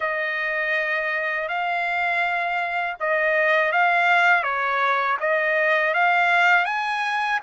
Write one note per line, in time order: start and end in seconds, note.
0.00 1.48 D#5
1.48 2.96 F5
3.00 3.71 D#5
3.71 4.43 F5
4.43 5.17 C#5
5.20 5.94 D#5
5.94 6.65 F5
6.65 7.39 G#5